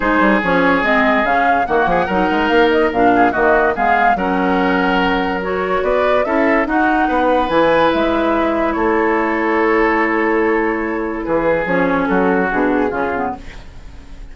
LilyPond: <<
  \new Staff \with { instrumentName = "flute" } { \time 4/4 \tempo 4 = 144 c''4 cis''4 dis''4 f''4 | fis''2 f''8 dis''8 f''4 | dis''4 f''4 fis''2~ | fis''4 cis''4 d''4 e''4 |
fis''2 gis''4 e''4~ | e''4 cis''2.~ | cis''2. b'4 | cis''4 a'4 gis'2 | }
  \new Staff \with { instrumentName = "oboe" } { \time 4/4 gis'1 | fis'8 gis'8 ais'2~ ais'8 gis'8 | fis'4 gis'4 ais'2~ | ais'2 b'4 a'4 |
fis'4 b'2.~ | b'4 a'2.~ | a'2. gis'4~ | gis'4 fis'2 f'4 | }
  \new Staff \with { instrumentName = "clarinet" } { \time 4/4 dis'4 cis'4 c'4 cis'4 | ais4 dis'2 d'4 | ais4 b4 cis'2~ | cis'4 fis'2 e'4 |
dis'2 e'2~ | e'1~ | e'1 | cis'2 d'4 cis'8 b8 | }
  \new Staff \with { instrumentName = "bassoon" } { \time 4/4 gis8 g8 f4 gis4 cis4 | dis8 f8 fis8 gis8 ais4 ais,4 | dis4 gis4 fis2~ | fis2 b4 cis'4 |
dis'4 b4 e4 gis4~ | gis4 a2.~ | a2. e4 | f4 fis4 b,4 cis4 | }
>>